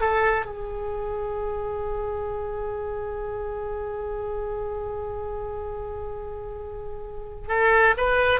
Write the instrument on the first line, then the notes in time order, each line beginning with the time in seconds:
oboe
0.00 A4
0.45 G#4
7.47 A4
7.97 B4